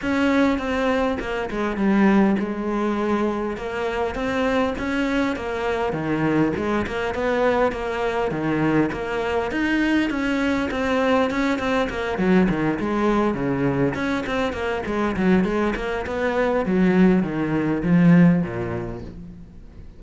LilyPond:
\new Staff \with { instrumentName = "cello" } { \time 4/4 \tempo 4 = 101 cis'4 c'4 ais8 gis8 g4 | gis2 ais4 c'4 | cis'4 ais4 dis4 gis8 ais8 | b4 ais4 dis4 ais4 |
dis'4 cis'4 c'4 cis'8 c'8 | ais8 fis8 dis8 gis4 cis4 cis'8 | c'8 ais8 gis8 fis8 gis8 ais8 b4 | fis4 dis4 f4 ais,4 | }